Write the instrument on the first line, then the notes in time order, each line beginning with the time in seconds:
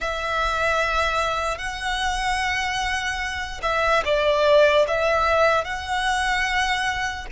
violin
0.00 E5
1.58 F#5
3.62 E5
4.04 D5
4.87 E5
5.64 F#5